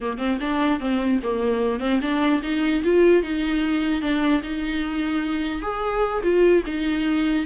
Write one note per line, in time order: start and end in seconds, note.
0.00 0.18 A#3
0.18 0.38 C4
0.40 0.80 D4
0.80 1.20 C4
1.23 1.80 A#3
1.80 2.00 C4
2.01 2.41 D4
2.42 2.82 D#4
2.84 3.22 F4
3.22 4.01 D#4
4.01 4.41 D4
4.42 5.62 D#4
5.62 6.22 G#4
6.22 6.63 F4
6.66 7.45 D#4